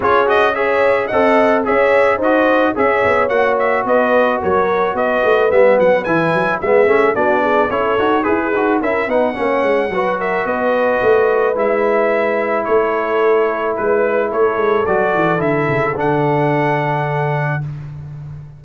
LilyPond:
<<
  \new Staff \with { instrumentName = "trumpet" } { \time 4/4 \tempo 4 = 109 cis''8 dis''8 e''4 fis''4 e''4 | dis''4 e''4 fis''8 e''8 dis''4 | cis''4 dis''4 e''8 fis''8 gis''4 | e''4 d''4 cis''4 b'4 |
e''8 fis''2 e''8 dis''4~ | dis''4 e''2 cis''4~ | cis''4 b'4 cis''4 d''4 | e''4 fis''2. | }
  \new Staff \with { instrumentName = "horn" } { \time 4/4 gis'4 cis''4 dis''4 cis''4 | c''4 cis''2 b'4 | ais'4 b'2. | gis'4 fis'8 gis'8 a'4 gis'4 |
ais'8 b'8 cis''4 b'8 ais'8 b'4~ | b'2. a'4~ | a'4 b'4 a'2~ | a'1 | }
  \new Staff \with { instrumentName = "trombone" } { \time 4/4 f'8 fis'8 gis'4 a'4 gis'4 | fis'4 gis'4 fis'2~ | fis'2 b4 e'4 | b8 cis'8 d'4 e'8 fis'8 gis'8 fis'8 |
e'8 dis'8 cis'4 fis'2~ | fis'4 e'2.~ | e'2. fis'4 | e'4 d'2. | }
  \new Staff \with { instrumentName = "tuba" } { \time 4/4 cis'2 c'4 cis'4 | dis'4 cis'8 b8 ais4 b4 | fis4 b8 a8 g8 fis8 e8 fis8 | gis8 a8 b4 cis'8 dis'8 e'8 dis'8 |
cis'8 b8 ais8 gis8 fis4 b4 | a4 gis2 a4~ | a4 gis4 a8 gis8 fis8 e8 | d8 cis8 d2. | }
>>